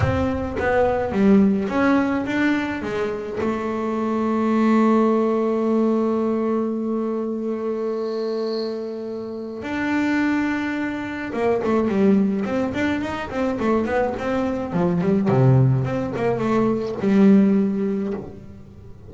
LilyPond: \new Staff \with { instrumentName = "double bass" } { \time 4/4 \tempo 4 = 106 c'4 b4 g4 cis'4 | d'4 gis4 a2~ | a1~ | a1~ |
a4 d'2. | ais8 a8 g4 c'8 d'8 dis'8 c'8 | a8 b8 c'4 f8 g8 c4 | c'8 ais8 a4 g2 | }